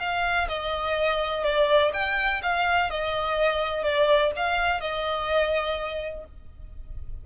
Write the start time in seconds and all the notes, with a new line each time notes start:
0.00 F5
0.49 D#5
1.44 D5
1.94 G5
2.43 F5
2.91 D#5
3.84 D5
4.37 F5
4.81 D#5